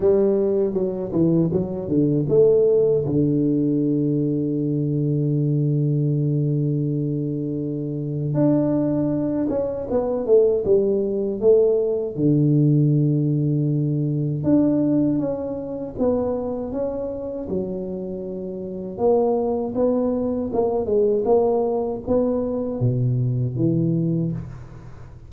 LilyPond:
\new Staff \with { instrumentName = "tuba" } { \time 4/4 \tempo 4 = 79 g4 fis8 e8 fis8 d8 a4 | d1~ | d2. d'4~ | d'8 cis'8 b8 a8 g4 a4 |
d2. d'4 | cis'4 b4 cis'4 fis4~ | fis4 ais4 b4 ais8 gis8 | ais4 b4 b,4 e4 | }